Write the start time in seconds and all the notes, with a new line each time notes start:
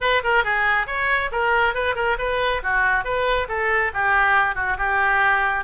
0.00 B4
0.23 A#4
0.44 G#4
0.87 C#5
1.31 A#4
1.74 B4
1.95 A#4
2.18 B4
2.63 F#4
3.04 B4
3.48 A4
3.93 G4
4.55 F#4
4.77 G4